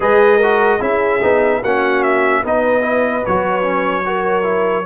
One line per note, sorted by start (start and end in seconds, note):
0.00 0.80 G#3
0.00 0.40 G#4
0.00 0.36 B4
0.00 0.82 D#5
0.36 0.77 A#4
0.43 0.80 F#4
0.79 1.21 C#4
0.79 1.20 E4
0.79 1.60 G#4
0.79 1.63 E5
1.22 1.63 B3
1.22 1.62 D#4
1.61 2.44 A#3
1.61 2.44 C#4
1.61 2.42 F#4
1.61 2.03 F#5
2.03 2.43 E5
2.42 3.26 B3
2.42 2.81 D#4
2.42 4.04 B4
2.42 3.25 D#5
2.81 3.22 E4
3.25 4.85 F#3
3.25 3.62 F#4
3.25 4.85 C#5
3.62 4.03 C#4
4.05 4.42 F#4
4.05 4.85 A#4
4.42 4.83 E4